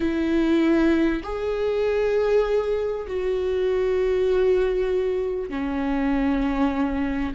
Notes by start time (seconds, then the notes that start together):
0.00 E4
1.23 G#4
3.07 F#4
5.49 C#4